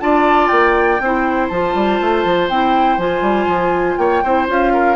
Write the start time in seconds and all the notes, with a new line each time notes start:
0.00 D4 F4 D5 A5
0.48 A#3 G5
1.00 C4 E4 C5
1.48 F3 F4 A5
1.75 G3
2.01 A3
2.24 F3
2.49 C4 E4 G5
2.98 F3 F4 G#5
3.22 G3
3.47 F3
3.97 A#3 C#5 G5
4.23 C4 E4 C5
4.48 C#4 F4 F5
4.73 A#4